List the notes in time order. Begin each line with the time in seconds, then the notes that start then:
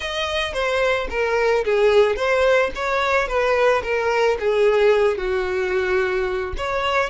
0.00 D#5
0.53 C5
1.09 A#4
1.64 G#4
2.16 C5
2.75 C#5
3.27 B4
3.83 A#4
4.39 G#4
5.17 F#4
6.57 C#5